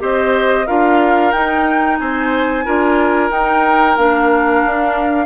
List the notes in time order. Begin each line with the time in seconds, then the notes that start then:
0.00 C4 G4 C5 D#5
0.67 D4 F4 A#4 F5
1.32 D#4 G5
1.99 C4 C5 G#5
2.65 D4 F4 A#4
3.31 D#4 G5
3.98 A#3 D4 F5
4.65 D4